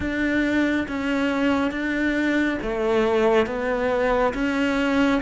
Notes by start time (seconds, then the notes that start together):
0.00 D4
0.87 C#4
1.71 D4
2.62 A3
3.46 B3
4.34 C#4